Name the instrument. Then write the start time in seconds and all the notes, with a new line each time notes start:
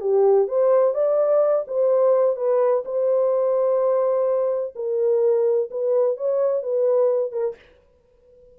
horn
0.00 G4
0.47 C5
0.94 D5
1.67 C5
2.36 B4
2.85 C5
4.75 A#4
5.70 B4
6.17 C#5
6.62 B4
7.31 A#4